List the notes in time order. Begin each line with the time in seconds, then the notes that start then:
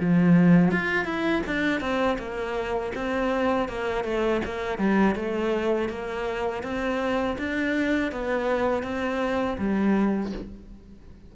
0.00 F3
0.71 F4
1.05 E4
1.46 D4
1.80 C4
2.18 A#3
2.95 C4
3.68 A#3
4.04 A3
4.44 A#3
4.78 G3
5.15 A3
5.89 A#3
6.63 C4
7.38 D4
8.11 B3
8.82 C4
9.58 G3